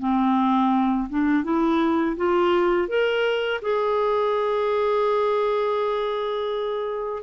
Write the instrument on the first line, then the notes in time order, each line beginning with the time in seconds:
clarinet
0.00 C4
1.10 D4
1.44 E4
2.17 F4
2.88 A#4
3.62 G#4